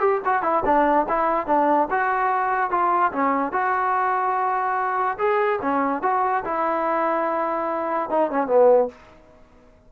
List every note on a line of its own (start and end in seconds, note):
0.00 0.21 G4
0.25 0.42 F#4
0.42 0.63 E4
0.65 1.06 D4
1.09 1.47 E4
1.47 1.88 D4
1.91 2.70 F#4
2.70 3.12 F4
3.12 3.52 C#4
3.52 5.18 F#4
5.18 5.59 G#4
5.61 6.02 C#4
6.02 6.43 F#4
6.44 8.10 E4
8.10 8.30 D#4
8.30 8.47 C#4
8.47 8.88 B3